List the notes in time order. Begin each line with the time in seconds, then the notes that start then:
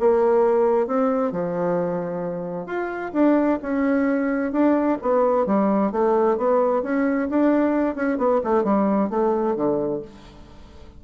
0.00 A#3
0.87 C4
1.32 F3
2.66 F4
3.14 D4
3.62 C#4
4.53 D4
5.02 B3
5.47 G3
5.93 A3
6.38 B3
6.83 C#4
7.30 D4
7.96 C#4
8.18 B3
8.44 A3
8.64 G3
9.10 A3
9.56 D3